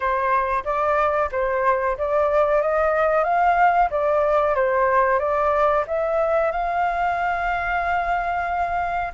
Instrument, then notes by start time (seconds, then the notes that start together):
flute
0.00 C5
0.64 D5
1.31 C5
1.97 D5
2.61 D#5
3.24 F5
3.90 D5
4.55 C5
5.19 D5
5.87 E5
6.51 F5